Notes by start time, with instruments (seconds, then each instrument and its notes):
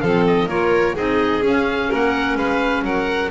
0.00 double bass F3, clarinet C4, violin A4, oboe F5
0.27 oboe D#5
0.46 double bass A#3, clarinet F4, violin A#4, oboe C#5
0.95 double bass C4, clarinet D#4, violin G#4, oboe D#5
1.42 clarinet C#4, double bass C#4, oboe F5
1.89 double bass A#3, violin A#4, oboe F#5
2.36 double bass G#3, violin B4, oboe F5
2.82 double bass F#3, violin A#4, oboe F#5